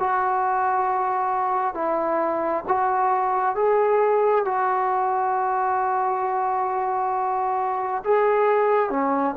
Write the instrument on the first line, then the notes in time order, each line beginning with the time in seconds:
trombone
0.00 F#4
1.75 E4
2.68 F#4
3.56 G#4
4.46 F#4
8.05 G#4
8.90 C#4